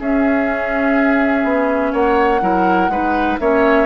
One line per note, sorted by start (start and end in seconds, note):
0.00 1.44 C#4
0.00 2.41 C#4
0.00 1.93 G#4
0.00 1.92 E5
1.44 1.93 B3
1.92 2.42 A#3
1.92 2.41 C#5
1.92 3.37 F#5
2.41 2.89 F#3
2.41 2.90 E4
2.41 2.92 A#4
2.89 3.37 G#3
2.89 3.39 D#4
2.89 3.40 B4
3.40 3.87 A#3
3.40 3.87 C#4
3.40 3.87 C#5
3.40 3.87 E5